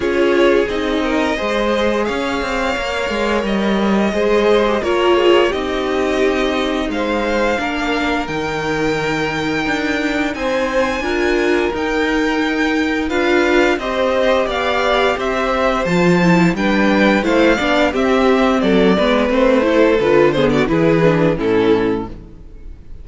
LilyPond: <<
  \new Staff \with { instrumentName = "violin" } { \time 4/4 \tempo 4 = 87 cis''4 dis''2 f''4~ | f''4 dis''2 cis''4 | dis''2 f''2 | g''2. gis''4~ |
gis''4 g''2 f''4 | dis''4 f''4 e''4 a''4 | g''4 f''4 e''4 d''4 | c''4 b'8 c''16 d''16 b'4 a'4 | }
  \new Staff \with { instrumentName = "violin" } { \time 4/4 gis'4. ais'8 c''4 cis''4~ | cis''2 c''4 ais'8 gis'8 | g'2 c''4 ais'4~ | ais'2. c''4 |
ais'2. b'4 | c''4 d''4 c''2 | b'4 c''8 d''8 g'4 a'8 b'8~ | b'8 a'4 gis'16 fis'16 gis'4 e'4 | }
  \new Staff \with { instrumentName = "viola" } { \time 4/4 f'4 dis'4 gis'2 | ais'2 gis'8. g'16 f'4 | dis'2. d'4 | dis'1 |
f'4 dis'2 f'4 | g'2. f'8 e'8 | d'4 e'8 d'8 c'4. b8 | c'8 e'8 f'8 b8 e'8 d'8 cis'4 | }
  \new Staff \with { instrumentName = "cello" } { \time 4/4 cis'4 c'4 gis4 cis'8 c'8 | ais8 gis8 g4 gis4 ais4 | c'2 gis4 ais4 | dis2 d'4 c'4 |
d'4 dis'2 d'4 | c'4 b4 c'4 f4 | g4 a8 b8 c'4 fis8 gis8 | a4 d4 e4 a,4 | }
>>